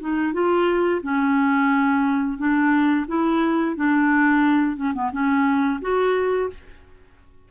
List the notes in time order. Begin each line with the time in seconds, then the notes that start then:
0.00 D#4
0.33 F4
1.03 C#4
2.38 D4
3.08 E4
3.76 D4
4.76 C#4
4.94 B3
5.12 C#4
5.81 F#4